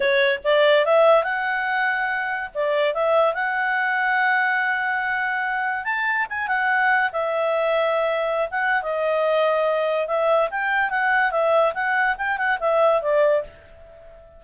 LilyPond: \new Staff \with { instrumentName = "clarinet" } { \time 4/4 \tempo 4 = 143 cis''4 d''4 e''4 fis''4~ | fis''2 d''4 e''4 | fis''1~ | fis''2 a''4 gis''8 fis''8~ |
fis''4 e''2.~ | e''16 fis''8. dis''2. | e''4 g''4 fis''4 e''4 | fis''4 g''8 fis''8 e''4 d''4 | }